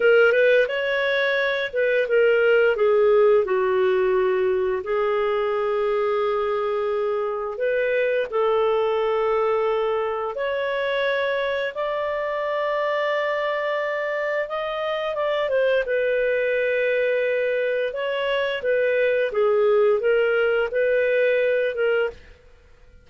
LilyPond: \new Staff \with { instrumentName = "clarinet" } { \time 4/4 \tempo 4 = 87 ais'8 b'8 cis''4. b'8 ais'4 | gis'4 fis'2 gis'4~ | gis'2. b'4 | a'2. cis''4~ |
cis''4 d''2.~ | d''4 dis''4 d''8 c''8 b'4~ | b'2 cis''4 b'4 | gis'4 ais'4 b'4. ais'8 | }